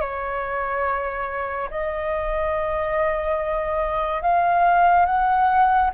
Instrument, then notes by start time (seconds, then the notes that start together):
flute
0.00 C#5
1.70 D#5
4.22 F5
5.06 F#5